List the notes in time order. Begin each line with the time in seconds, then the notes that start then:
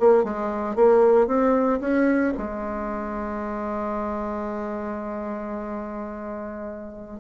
0.00 A#3
0.24 G#3
0.76 A#3
1.27 C4
1.81 C#4
2.38 G#3